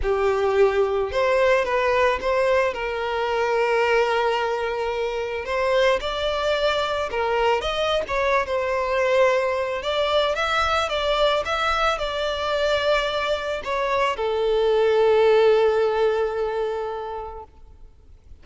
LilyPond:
\new Staff \with { instrumentName = "violin" } { \time 4/4 \tempo 4 = 110 g'2 c''4 b'4 | c''4 ais'2.~ | ais'2 c''4 d''4~ | d''4 ais'4 dis''8. cis''8. c''8~ |
c''2 d''4 e''4 | d''4 e''4 d''2~ | d''4 cis''4 a'2~ | a'1 | }